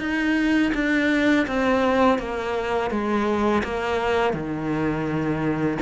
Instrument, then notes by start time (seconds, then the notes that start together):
cello
0.00 D#4
0.75 D4
1.47 C4
2.19 A#3
2.91 G#3
3.64 A#3
4.34 D#3